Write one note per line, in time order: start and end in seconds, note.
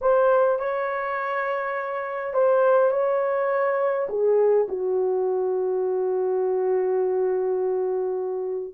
0.01 0.59 C5
0.59 2.33 C#5
2.33 2.91 C5
2.91 4.07 C#5
4.09 4.67 G#4
4.68 8.74 F#4